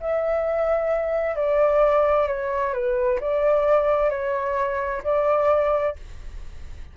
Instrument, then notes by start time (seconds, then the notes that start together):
flute
0.00 E5
1.36 D5
2.27 C#5
2.73 B4
3.20 D5
4.10 C#5
5.03 D5